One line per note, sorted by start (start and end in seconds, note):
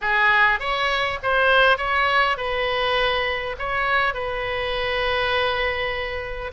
0.01 0.59 G#4
0.59 1.19 C#5
1.23 1.77 C5
1.77 2.37 C#5
2.37 3.55 B4
3.59 4.13 C#5
4.13 6.51 B4